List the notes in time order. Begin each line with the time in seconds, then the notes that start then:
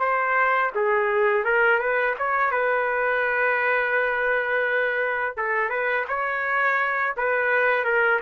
0.00 C5
0.75 G#4
1.45 A#4
1.80 B4
2.19 C#5
2.52 B4
5.37 A4
5.70 B4
6.09 C#5
7.17 B4
7.85 A#4